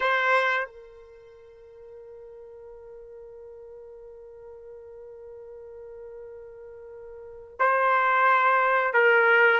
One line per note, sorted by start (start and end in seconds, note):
0.00 0.65 C5
0.65 7.56 A#4
7.59 8.93 C5
8.93 9.59 A#4